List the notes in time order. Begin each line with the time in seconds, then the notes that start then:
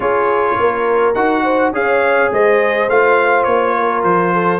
0.00 C#4 F4 G#4 C#5
0.59 A#3 A#4
1.14 D#4 F#4 F#5
1.43 C5
1.71 C#4 G#4 F5
1.78 C#5
2.31 G#3 C5 D#5
2.88 A3 F4 F5
3.43 A#3 C#5
3.76 A#4
4.03 F3 C5
4.33 A4